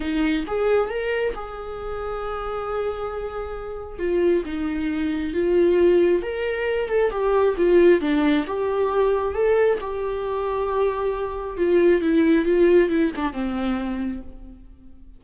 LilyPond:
\new Staff \with { instrumentName = "viola" } { \time 4/4 \tempo 4 = 135 dis'4 gis'4 ais'4 gis'4~ | gis'1~ | gis'4 f'4 dis'2 | f'2 ais'4. a'8 |
g'4 f'4 d'4 g'4~ | g'4 a'4 g'2~ | g'2 f'4 e'4 | f'4 e'8 d'8 c'2 | }